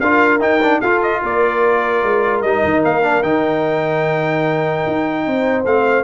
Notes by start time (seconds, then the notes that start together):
0.00 D4 F4 A#4 F5
0.40 D#4 G5
0.62 D4
0.80 F4 A4 F5
1.02 D#5
1.22 A#3 A#4 D5
2.03 G#3
2.41 G3 D#4 D#5
2.64 D#3
2.84 A#3 F5
3.03 D4
3.23 D#3 D#4 G5
4.87 D#4
5.26 C4 C5
5.65 A3 C4 F5